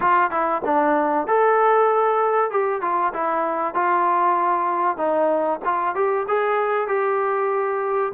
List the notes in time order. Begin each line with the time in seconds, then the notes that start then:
0.00 F4
0.30 E4
0.64 D4
1.27 A4
2.50 G4
2.81 F4
3.13 E4
3.74 F4
4.97 D#4
5.64 F4
5.95 G4
6.28 G#4
6.87 G4